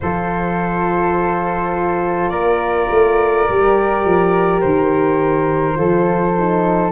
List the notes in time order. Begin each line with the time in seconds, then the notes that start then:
0.00 F3 F4 A4 C5
2.29 A#3 A#4 D5
2.90 A3
3.48 G3 G4
4.04 F3
4.60 D#3 C5
5.74 F3 F4 A4
6.37 D#4